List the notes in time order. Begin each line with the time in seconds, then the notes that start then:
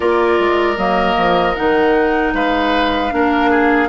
0.00 A#3 F4 A#4 D5
0.39 G#3
0.77 F#3 A#3 D#5
1.17 F3
1.55 D#3 D#4 F#5
2.33 G#3 B4 F5
3.10 A#3 D4 A#4
3.50 G#4